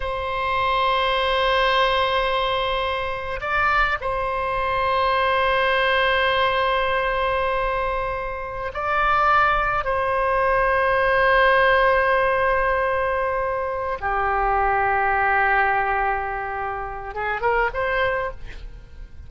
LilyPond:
\new Staff \with { instrumentName = "oboe" } { \time 4/4 \tempo 4 = 105 c''1~ | c''2 d''4 c''4~ | c''1~ | c''2.~ c''16 d''8.~ |
d''4~ d''16 c''2~ c''8.~ | c''1~ | c''8 g'2.~ g'8~ | g'2 gis'8 ais'8 c''4 | }